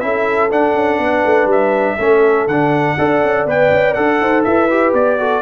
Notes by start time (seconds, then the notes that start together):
0.00 C#4 E4 A4 E5
0.51 D4 F#5
0.74 C#4
0.99 B3 B4
1.25 A3
1.45 G3 E5
1.97 A3 C#4 A4
2.47 D3 D4 F#5
2.97 D4 A4 D5
3.23 C#4
3.45 B3 B4 G5
3.70 C#4
3.94 D4 A4 F#5
4.21 D#4 C5
4.43 E4 B4 E5
4.70 G4
4.93 B3 D5
5.19 F#4 A4